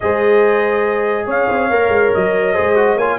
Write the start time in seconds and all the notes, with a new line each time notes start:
0.00 G#3 G#4 C5 D#5
1.26 C#4 C#5 F5
1.48 C4
1.69 A#3 A#4
1.88 G#3
2.14 F#3 D#5
2.53 G#3 G#4 C5
2.75 F#4
2.95 A#3 F4 C#5 G#5